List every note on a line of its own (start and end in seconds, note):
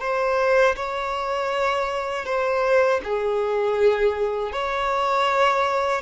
0.00 0.75 C5
0.76 2.25 C#5
2.25 3.00 C5
3.03 4.52 G#4
4.52 6.01 C#5